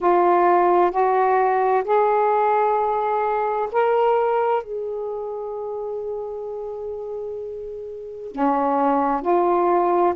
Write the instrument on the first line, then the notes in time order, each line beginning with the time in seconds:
saxophone
0.00 F4
0.91 F#4
1.84 G#4
3.72 A#4
4.63 G#4
8.31 C#4
9.21 F4